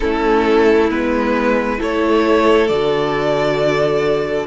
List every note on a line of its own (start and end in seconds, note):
0.00 0.90 A3
0.00 0.87 C#4
0.00 1.77 E4
0.00 0.90 A4
0.90 1.79 G#3
0.90 1.78 B3
0.90 1.79 B4
1.77 2.69 A3
1.77 2.67 E4
1.77 4.46 A4
1.77 2.67 C#5
2.67 4.47 D3
2.67 4.47 F#4
2.67 4.46 D5